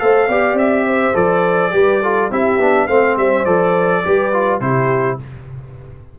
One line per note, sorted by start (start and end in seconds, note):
0.00 0.29 A3
0.00 0.29 A4
0.00 0.28 C5
0.00 0.58 F5
0.28 0.54 B3
0.28 1.14 G4
0.28 0.86 D5
0.54 1.12 C4
0.54 1.16 E5
0.87 1.74 C5
1.14 1.73 F3
1.14 1.72 A4
1.14 2.32 D5
1.72 2.31 G3
1.72 2.01 G4
1.72 2.02 B4
2.02 2.31 F4
2.02 2.31 A4
2.31 2.59 C4
2.31 2.60 E4
2.31 2.87 G4
2.31 2.88 E5
2.59 2.88 B3
2.59 2.89 D4
2.87 3.17 A3
2.87 3.47 C4
2.87 4.03 C5
2.87 3.17 F5
3.17 3.46 G3
3.17 3.45 E5
3.45 4.04 F3
3.45 4.04 A4
3.45 4.61 D5
4.05 4.61 G3
4.05 4.33 G4
4.05 4.62 B4
4.33 4.62 F4
4.61 5.19 C3
4.61 5.19 E4
4.61 5.19 G4
4.61 5.19 C5